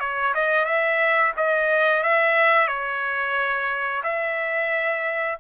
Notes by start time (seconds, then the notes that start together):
0.00 C#5
0.35 D#5
0.65 E5
1.37 D#5
2.03 E5
2.68 C#5
4.03 E5